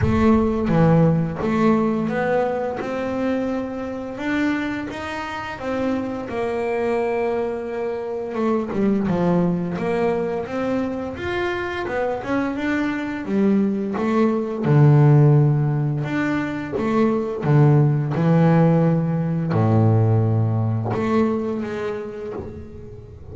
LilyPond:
\new Staff \with { instrumentName = "double bass" } { \time 4/4 \tempo 4 = 86 a4 e4 a4 b4 | c'2 d'4 dis'4 | c'4 ais2. | a8 g8 f4 ais4 c'4 |
f'4 b8 cis'8 d'4 g4 | a4 d2 d'4 | a4 d4 e2 | a,2 a4 gis4 | }